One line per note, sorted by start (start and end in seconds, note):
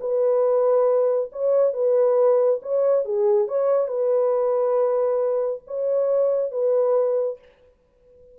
0.00 1.30 B4
1.32 1.73 C#5
1.73 2.60 B4
2.62 3.05 C#5
3.05 3.48 G#4
3.48 3.88 C#5
3.88 5.62 B4
5.67 6.51 C#5
6.51 7.38 B4